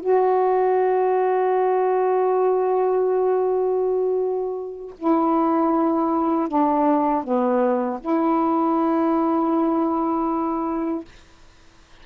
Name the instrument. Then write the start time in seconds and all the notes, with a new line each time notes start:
saxophone
0.00 F#4
4.98 E4
6.48 D4
7.23 B3
8.00 E4